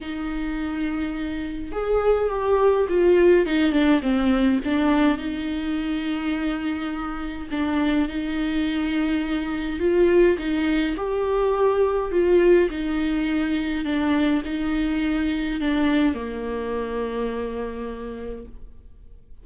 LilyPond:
\new Staff \with { instrumentName = "viola" } { \time 4/4 \tempo 4 = 104 dis'2. gis'4 | g'4 f'4 dis'8 d'8 c'4 | d'4 dis'2.~ | dis'4 d'4 dis'2~ |
dis'4 f'4 dis'4 g'4~ | g'4 f'4 dis'2 | d'4 dis'2 d'4 | ais1 | }